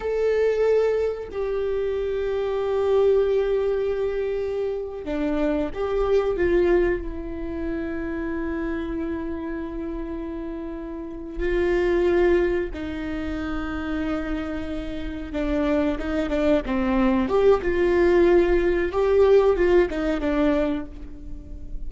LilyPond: \new Staff \with { instrumentName = "viola" } { \time 4/4 \tempo 4 = 92 a'2 g'2~ | g'2.~ g'8. d'16~ | d'8. g'4 f'4 e'4~ e'16~ | e'1~ |
e'4. f'2 dis'8~ | dis'2.~ dis'8 d'8~ | d'8 dis'8 d'8 c'4 g'8 f'4~ | f'4 g'4 f'8 dis'8 d'4 | }